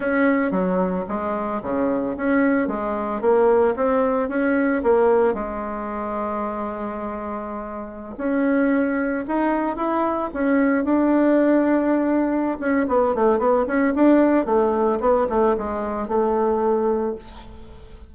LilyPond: \new Staff \with { instrumentName = "bassoon" } { \time 4/4 \tempo 4 = 112 cis'4 fis4 gis4 cis4 | cis'4 gis4 ais4 c'4 | cis'4 ais4 gis2~ | gis2.~ gis16 cis'8.~ |
cis'4~ cis'16 dis'4 e'4 cis'8.~ | cis'16 d'2.~ d'16 cis'8 | b8 a8 b8 cis'8 d'4 a4 | b8 a8 gis4 a2 | }